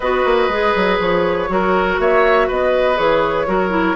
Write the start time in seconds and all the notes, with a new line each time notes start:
0.00 B3 F#4 B4 D#5
0.25 A#3
0.48 G#3 G#4
0.75 F#3
0.99 F3 C#5
1.48 F#3 F#4 A#4
1.98 A#3 C#5 E5
2.47 B3 B4 D#5
2.96 E3 G#4 C#5
3.47 F#3 F#4 A#4
3.70 E4